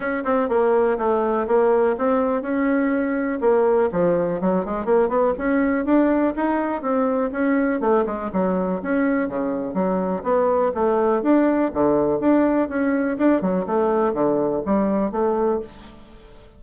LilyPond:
\new Staff \with { instrumentName = "bassoon" } { \time 4/4 \tempo 4 = 123 cis'8 c'8 ais4 a4 ais4 | c'4 cis'2 ais4 | f4 fis8 gis8 ais8 b8 cis'4 | d'4 dis'4 c'4 cis'4 |
a8 gis8 fis4 cis'4 cis4 | fis4 b4 a4 d'4 | d4 d'4 cis'4 d'8 fis8 | a4 d4 g4 a4 | }